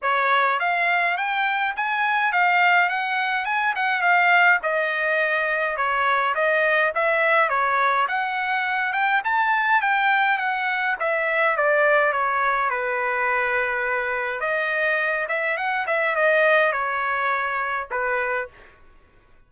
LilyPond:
\new Staff \with { instrumentName = "trumpet" } { \time 4/4 \tempo 4 = 104 cis''4 f''4 g''4 gis''4 | f''4 fis''4 gis''8 fis''8 f''4 | dis''2 cis''4 dis''4 | e''4 cis''4 fis''4. g''8 |
a''4 g''4 fis''4 e''4 | d''4 cis''4 b'2~ | b'4 dis''4. e''8 fis''8 e''8 | dis''4 cis''2 b'4 | }